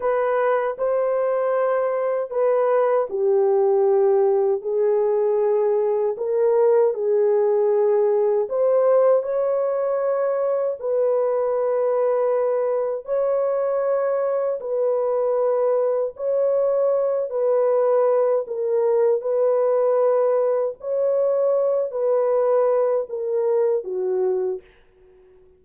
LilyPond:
\new Staff \with { instrumentName = "horn" } { \time 4/4 \tempo 4 = 78 b'4 c''2 b'4 | g'2 gis'2 | ais'4 gis'2 c''4 | cis''2 b'2~ |
b'4 cis''2 b'4~ | b'4 cis''4. b'4. | ais'4 b'2 cis''4~ | cis''8 b'4. ais'4 fis'4 | }